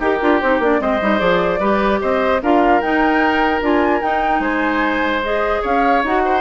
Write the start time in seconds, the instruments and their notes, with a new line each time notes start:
0.00 bassoon D#4, oboe G4, clarinet G4, flute A#4
0.21 bassoon D4, clarinet F4
0.41 bassoon C4, clarinet D#4, flute C5
0.60 bassoon A#3, clarinet D4, flute D5
0.80 bassoon G#3, clarinet C4, oboe C5, flute D#5
1.01 bassoon G3, clarinet D#4
1.19 bassoon F3, clarinet G#4, flute D5
1.60 bassoon G3, clarinet G4, oboe B4
2.01 bassoon C4, oboe C5, flute D#5
2.42 bassoon D4, clarinet F4, oboe A#4, flute F5
2.82 bassoon D#4, clarinet D#4, flute G5
3.62 bassoon D4, clarinet F4, flute G#5
4.02 bassoon D#4, clarinet D#4, flute G5
4.40 bassoon G#3, oboe C5, flute G#5
5.23 clarinet G#4, flute D#5
5.62 bassoon C#4, oboe C#5, flute F5
6.04 bassoon D#4, clarinet F#4, flute F#5
6.25 oboe C5